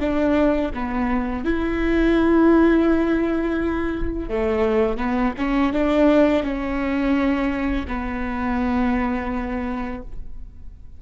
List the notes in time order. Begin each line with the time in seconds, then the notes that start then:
0.00 D4
0.74 B3
1.44 E4
4.29 A3
4.97 B3
5.38 C#4
5.73 D4
6.43 C#4
7.88 B3